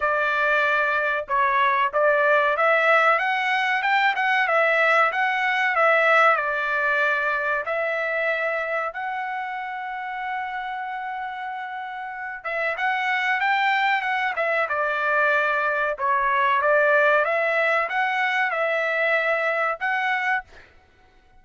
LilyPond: \new Staff \with { instrumentName = "trumpet" } { \time 4/4 \tempo 4 = 94 d''2 cis''4 d''4 | e''4 fis''4 g''8 fis''8 e''4 | fis''4 e''4 d''2 | e''2 fis''2~ |
fis''2.~ fis''8 e''8 | fis''4 g''4 fis''8 e''8 d''4~ | d''4 cis''4 d''4 e''4 | fis''4 e''2 fis''4 | }